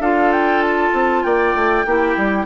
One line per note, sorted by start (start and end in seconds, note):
0.00 0.92 D4
0.00 1.86 F4
0.00 1.24 A4
0.00 0.32 F5
0.32 0.62 G5
0.62 1.23 A5
0.93 1.24 C4
1.23 1.55 A#3
1.23 1.87 D5
1.23 2.46 G5
1.55 1.85 A3
1.86 2.17 A#3
1.86 2.46 E4
1.86 2.46 G4
2.18 2.46 G3